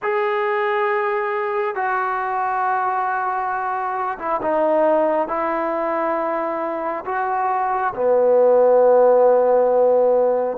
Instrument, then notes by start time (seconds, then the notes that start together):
trombone
0.02 G#4
1.75 F#4
4.18 E4
4.42 D#4
5.27 E4
7.05 F#4
7.95 B3